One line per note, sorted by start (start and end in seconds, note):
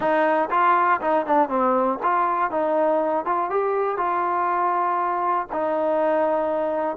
0.00 0.49 D#4
0.50 1.00 F4
1.01 1.25 D#4
1.25 1.48 D4
1.48 1.98 C4
2.02 2.50 F4
2.50 3.25 D#4
3.25 3.50 F4
3.50 3.97 G4
3.97 5.47 F4
5.52 6.96 D#4